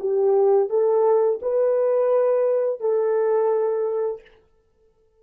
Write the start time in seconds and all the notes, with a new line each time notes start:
0.00 G4
0.69 A4
1.42 B4
2.80 A4